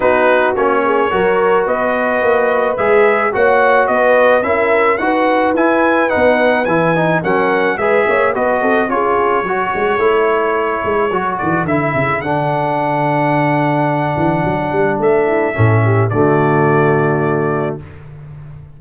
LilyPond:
<<
  \new Staff \with { instrumentName = "trumpet" } { \time 4/4 \tempo 4 = 108 b'4 cis''2 dis''4~ | dis''4 e''4 fis''4 dis''4 | e''4 fis''4 gis''4 fis''4 | gis''4 fis''4 e''4 dis''4 |
cis''1~ | cis''8 d''8 e''4 fis''2~ | fis''2. e''4~ | e''4 d''2. | }
  \new Staff \with { instrumentName = "horn" } { \time 4/4 fis'4. gis'8 ais'4 b'4~ | b'2 cis''4 b'4 | ais'4 b'2.~ | b'4 ais'4 b'8 cis''8 b'8 a'8 |
gis'4 a'2.~ | a'1~ | a'2.~ a'8 e'8 | a'8 g'8 fis'2. | }
  \new Staff \with { instrumentName = "trombone" } { \time 4/4 dis'4 cis'4 fis'2~ | fis'4 gis'4 fis'2 | e'4 fis'4 e'4 dis'4 | e'8 dis'8 cis'4 gis'4 fis'4 |
f'4 fis'4 e'2 | fis'4 e'4 d'2~ | d'1 | cis'4 a2. | }
  \new Staff \with { instrumentName = "tuba" } { \time 4/4 b4 ais4 fis4 b4 | ais4 gis4 ais4 b4 | cis'4 dis'4 e'4 b4 | e4 fis4 gis8 ais8 b8 c'8 |
cis'4 fis8 gis8 a4. gis8 | fis8 e8 d8 cis8 d2~ | d4. e8 fis8 g8 a4 | a,4 d2. | }
>>